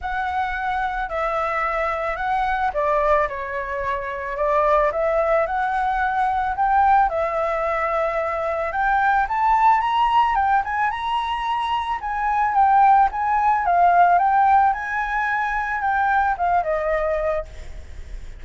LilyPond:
\new Staff \with { instrumentName = "flute" } { \time 4/4 \tempo 4 = 110 fis''2 e''2 | fis''4 d''4 cis''2 | d''4 e''4 fis''2 | g''4 e''2. |
g''4 a''4 ais''4 g''8 gis''8 | ais''2 gis''4 g''4 | gis''4 f''4 g''4 gis''4~ | gis''4 g''4 f''8 dis''4. | }